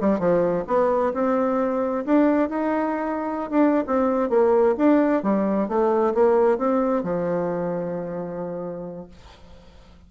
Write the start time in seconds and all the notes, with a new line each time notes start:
0.00 G3
0.19 F3
0.67 B3
1.13 C4
2.05 D4
2.49 D#4
3.50 D4
3.87 C4
4.29 A#3
4.77 D4
5.23 G3
5.68 A3
6.14 A#3
6.58 C4
7.03 F3